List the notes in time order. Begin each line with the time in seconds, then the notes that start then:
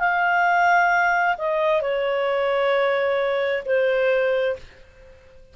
0.00 F5
1.38 D#5
1.82 C#5
3.66 C5